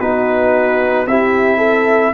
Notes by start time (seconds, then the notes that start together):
0.00 B3 D#4 F#4 B4
1.07 C4 E4 G4 E5
1.58 A4